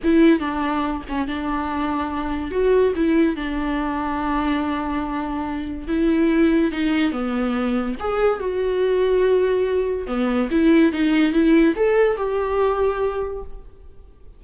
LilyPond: \new Staff \with { instrumentName = "viola" } { \time 4/4 \tempo 4 = 143 e'4 d'4. cis'8 d'4~ | d'2 fis'4 e'4 | d'1~ | d'2 e'2 |
dis'4 b2 gis'4 | fis'1 | b4 e'4 dis'4 e'4 | a'4 g'2. | }